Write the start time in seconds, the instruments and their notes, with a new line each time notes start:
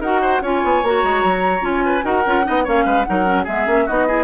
0.00 bassoon D#4, clarinet F#4, oboe A#4, flute F#5
0.22 oboe C5
0.41 bassoon C#4, clarinet F4, oboe C#5, flute G#5
0.64 bassoon B3
0.83 bassoon A#3, clarinet F#4, flute A#5
1.04 bassoon G#3
1.24 bassoon F#3
1.61 bassoon C#4, clarinet F4, flute G#5
1.85 oboe B4
2.03 bassoon D#4, clarinet F#4, oboe A#4, flute F#5
2.26 bassoon C#4, clarinet F4
2.44 bassoon B3, clarinet D#4, oboe D#5
2.64 bassoon A#3, clarinet C#4, oboe C#5, flute F5
2.85 bassoon G#3, oboe B4
3.04 bassoon F#3, clarinet D#4, oboe A#4, flute F#5
3.25 clarinet C#4
3.44 bassoon G#3, clarinet B3, oboe G#4, flute E5
3.67 bassoon A#3, clarinet C#4
3.86 bassoon B3, clarinet D#4, oboe F#4, flute D#5
4.08 clarinet E4, oboe G#4